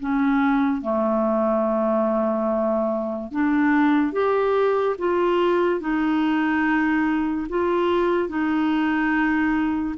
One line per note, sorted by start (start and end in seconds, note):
0.00 0.81 C#4
0.81 3.31 A3
3.31 4.12 D4
4.12 4.96 G4
4.98 5.80 F4
5.80 7.47 D#4
7.49 8.29 F4
8.29 9.95 D#4